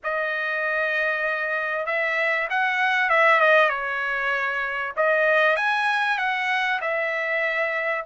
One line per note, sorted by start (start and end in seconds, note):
0.03 1.86 D#5
1.86 2.47 E5
2.50 3.09 F#5
3.09 3.40 E5
3.40 3.69 D#5
3.69 4.93 C#5
4.96 5.56 D#5
5.56 6.18 G#5
6.18 6.80 F#5
6.81 8.04 E5